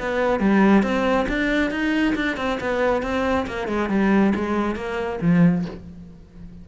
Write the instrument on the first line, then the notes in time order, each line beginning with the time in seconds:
cello
0.00 B3
0.40 G3
0.83 C4
1.28 D4
1.71 D#4
2.15 D4
2.37 C4
2.60 B3
3.03 C4
3.47 A#3
3.68 G#3
3.89 G3
4.35 G#3
4.76 A#3
5.21 F3